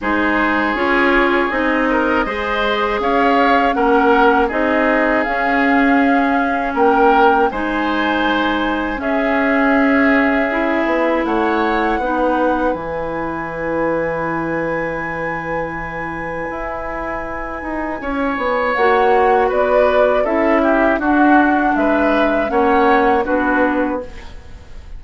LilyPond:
<<
  \new Staff \with { instrumentName = "flute" } { \time 4/4 \tempo 4 = 80 c''4 cis''4 dis''2 | f''4 fis''4 dis''4 f''4~ | f''4 g''4 gis''2 | e''2. fis''4~ |
fis''4 gis''2.~ | gis''1~ | gis''4 fis''4 d''4 e''4 | fis''4 e''4 fis''4 b'4 | }
  \new Staff \with { instrumentName = "oboe" } { \time 4/4 gis'2~ gis'8 ais'8 c''4 | cis''4 ais'4 gis'2~ | gis'4 ais'4 c''2 | gis'2. cis''4 |
b'1~ | b'1 | cis''2 b'4 a'8 g'8 | fis'4 b'4 cis''4 fis'4 | }
  \new Staff \with { instrumentName = "clarinet" } { \time 4/4 dis'4 f'4 dis'4 gis'4~ | gis'4 cis'4 dis'4 cis'4~ | cis'2 dis'2 | cis'2 e'2 |
dis'4 e'2.~ | e'1~ | e'4 fis'2 e'4 | d'2 cis'4 d'4 | }
  \new Staff \with { instrumentName = "bassoon" } { \time 4/4 gis4 cis'4 c'4 gis4 | cis'4 ais4 c'4 cis'4~ | cis'4 ais4 gis2 | cis'2~ cis'8 b8 a4 |
b4 e2.~ | e2 e'4. dis'8 | cis'8 b8 ais4 b4 cis'4 | d'4 gis4 ais4 b4 | }
>>